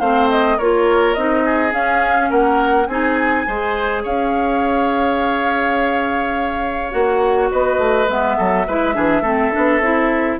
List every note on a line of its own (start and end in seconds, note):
0.00 0.59 A3
0.00 0.59 C4
0.00 0.57 C5
0.00 0.29 F5
0.30 0.59 D#5
0.57 1.16 A#3
0.57 1.17 F4
0.57 1.44 A#4
0.57 1.15 C#5
1.15 1.73 C4
1.15 1.71 D#4
1.15 1.72 D#5
1.45 2.30 G#4
1.71 2.87 C#4
1.71 2.30 C#4
1.71 2.31 F5
2.30 2.88 A#3
2.30 2.87 A#4
2.30 2.87 F#5
2.87 3.46 C4
2.87 3.47 D#4
2.87 3.47 G#4
2.87 4.02 G#5
3.47 4.05 G#3
3.47 6.92 G#4
3.47 4.03 C5
4.03 6.94 C#4
4.03 7.49 C#5
4.03 6.92 F5
6.92 7.51 A#3
6.92 8.07 F#4
6.92 7.50 F#5
7.51 7.78 B3
7.51 8.38 B4
7.51 8.09 D#5
7.78 8.07 A3
8.08 8.37 G#3
8.08 8.68 B3
8.08 10.40 E5
8.38 8.67 F#3
8.38 8.66 A4
8.67 8.96 G#3
8.67 8.94 E4
8.67 8.95 B4
8.94 9.22 E3
8.94 9.23 D4
8.94 9.22 G#4
9.22 9.50 A3
9.22 9.52 C4
9.22 10.37 A4
9.52 9.80 B3
9.52 9.81 D4
9.80 10.38 C4
9.80 10.40 E4